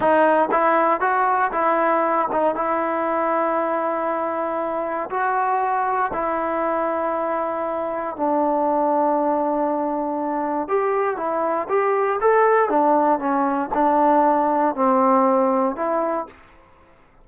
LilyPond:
\new Staff \with { instrumentName = "trombone" } { \time 4/4 \tempo 4 = 118 dis'4 e'4 fis'4 e'4~ | e'8 dis'8 e'2.~ | e'2 fis'2 | e'1 |
d'1~ | d'4 g'4 e'4 g'4 | a'4 d'4 cis'4 d'4~ | d'4 c'2 e'4 | }